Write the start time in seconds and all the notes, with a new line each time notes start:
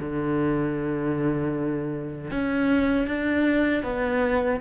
0.00 D3
2.31 C#4
3.07 D4
3.83 B3